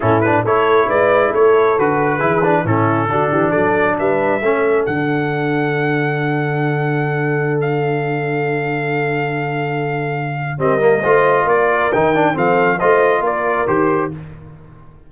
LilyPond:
<<
  \new Staff \with { instrumentName = "trumpet" } { \time 4/4 \tempo 4 = 136 a'8 b'8 cis''4 d''4 cis''4 | b'2 a'2 | d''4 e''2 fis''4~ | fis''1~ |
fis''4~ fis''16 f''2~ f''8.~ | f''1 | dis''2 d''4 g''4 | f''4 dis''4 d''4 c''4 | }
  \new Staff \with { instrumentName = "horn" } { \time 4/4 e'4 a'4 b'4 a'4~ | a'4 gis'4 e'4 fis'8 g'8 | a'4 b'4 a'2~ | a'1~ |
a'1~ | a'1 | ais'4 c''4 ais'2 | a'4 c''4 ais'2 | }
  \new Staff \with { instrumentName = "trombone" } { \time 4/4 cis'8 d'8 e'2. | fis'4 e'8 d'8 cis'4 d'4~ | d'2 cis'4 d'4~ | d'1~ |
d'1~ | d'1 | c'8 ais8 f'2 dis'8 d'8 | c'4 f'2 g'4 | }
  \new Staff \with { instrumentName = "tuba" } { \time 4/4 a,4 a4 gis4 a4 | d4 e4 a,4 d8 e8 | fis4 g4 a4 d4~ | d1~ |
d1~ | d1 | g4 a4 ais4 dis4 | f4 a4 ais4 dis4 | }
>>